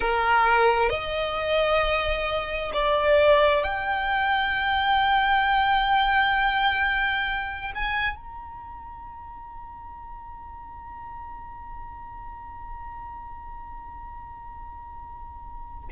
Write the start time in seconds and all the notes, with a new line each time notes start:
0.00 A#4
0.89 D#5
2.73 D5
3.63 G5
7.74 G#5
8.16 A#5